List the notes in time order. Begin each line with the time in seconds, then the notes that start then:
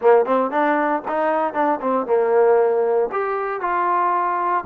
0.01 A#3
0.25 C4
0.50 D4
1.07 D#4
1.53 D4
1.81 C4
2.06 A#3
3.12 G4
3.61 F4